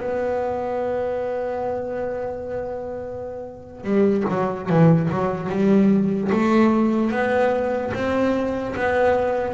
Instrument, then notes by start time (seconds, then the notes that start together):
double bass
0.00 B3
3.84 G3
4.30 F#3
4.70 E3
5.11 F#3
5.50 G3
6.32 A3
7.12 B3
7.94 C4
8.76 B3